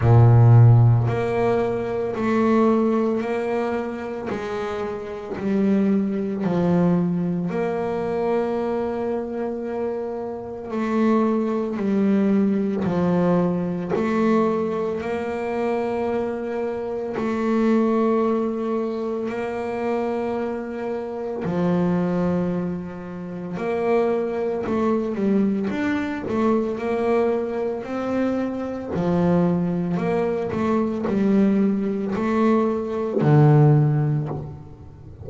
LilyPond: \new Staff \with { instrumentName = "double bass" } { \time 4/4 \tempo 4 = 56 ais,4 ais4 a4 ais4 | gis4 g4 f4 ais4~ | ais2 a4 g4 | f4 a4 ais2 |
a2 ais2 | f2 ais4 a8 g8 | d'8 a8 ais4 c'4 f4 | ais8 a8 g4 a4 d4 | }